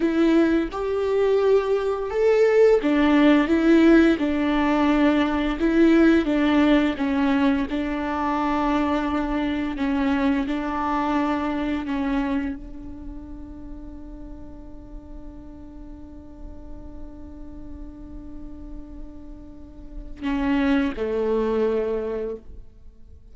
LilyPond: \new Staff \with { instrumentName = "viola" } { \time 4/4 \tempo 4 = 86 e'4 g'2 a'4 | d'4 e'4 d'2 | e'4 d'4 cis'4 d'4~ | d'2 cis'4 d'4~ |
d'4 cis'4 d'2~ | d'1~ | d'1~ | d'4 cis'4 a2 | }